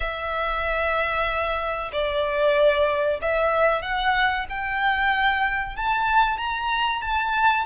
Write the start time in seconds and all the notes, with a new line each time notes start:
0.00 E5
1.92 D5
3.21 E5
3.82 F#5
4.49 G5
5.76 A5
6.37 A#5
7.01 A5